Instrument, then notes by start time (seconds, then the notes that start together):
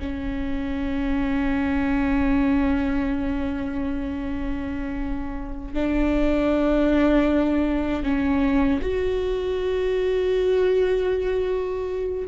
viola
0.00 C#4
5.74 D4
8.04 C#4
8.82 F#4